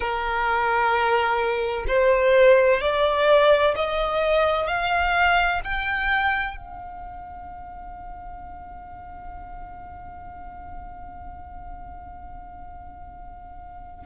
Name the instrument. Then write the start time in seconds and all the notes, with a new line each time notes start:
violin
0.00 A#4
1.87 C5
2.80 D5
3.75 D#5
4.67 F5
5.64 G5
6.56 F5